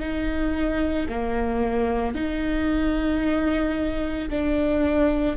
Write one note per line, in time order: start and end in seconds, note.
0.00 1.07 D#4
1.09 2.15 A#3
2.15 4.30 D#4
4.30 5.37 D4